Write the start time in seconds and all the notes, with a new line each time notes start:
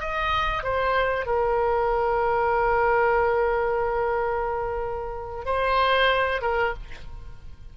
0.00 D#5
0.63 C5
1.26 A#4
5.45 C5
6.42 A#4